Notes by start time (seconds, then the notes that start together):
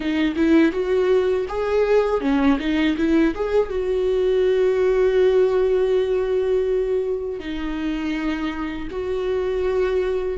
0.00 D#4
0.36 E4
0.72 F#4
1.48 G#4
2.21 C#4
2.59 D#4
2.97 E4
3.35 G#4
3.69 F#4
7.39 D#4
8.90 F#4